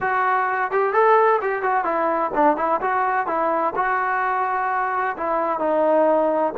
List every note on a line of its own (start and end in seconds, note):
0.00 0.71 F#4
0.71 0.93 G4
0.93 1.40 A4
1.41 1.62 G4
1.62 1.84 F#4
1.84 2.31 E4
2.34 2.57 D4
2.57 2.80 E4
2.81 3.26 F#4
3.26 3.73 E4
3.75 5.16 F#4
5.16 5.59 E4
5.59 6.53 D#4